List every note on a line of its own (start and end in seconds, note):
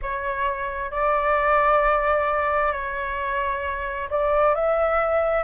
0.02 0.91 C#5
0.91 2.72 D5
2.72 4.09 C#5
4.10 4.55 D5
4.55 5.44 E5